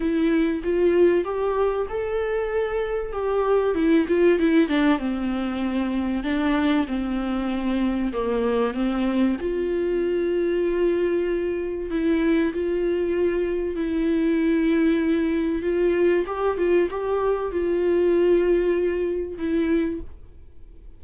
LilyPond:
\new Staff \with { instrumentName = "viola" } { \time 4/4 \tempo 4 = 96 e'4 f'4 g'4 a'4~ | a'4 g'4 e'8 f'8 e'8 d'8 | c'2 d'4 c'4~ | c'4 ais4 c'4 f'4~ |
f'2. e'4 | f'2 e'2~ | e'4 f'4 g'8 f'8 g'4 | f'2. e'4 | }